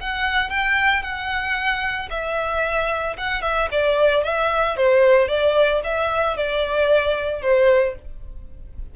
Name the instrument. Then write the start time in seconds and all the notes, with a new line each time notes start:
violin
0.00 F#5
0.49 G5
1.03 F#5
2.10 E5
3.17 F#5
3.42 E5
3.71 D5
4.24 E5
4.76 C5
5.28 D5
5.83 E5
6.36 D5
7.41 C5